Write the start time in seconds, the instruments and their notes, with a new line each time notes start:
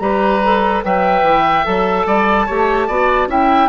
0.00 bassoon G3, clarinet G4, oboe B4, flute A#5
0.44 clarinet A4
0.84 bassoon F#3, clarinet B4, oboe E5, flute G5
1.23 bassoon E3
1.65 bassoon F#3, clarinet A4, flute A5
2.07 bassoon G3, oboe D5
2.46 bassoon A3, clarinet G4, oboe C#5
2.87 bassoon B3, clarinet F#4, oboe D5
3.28 bassoon C#4, clarinet E4, oboe E5, flute G5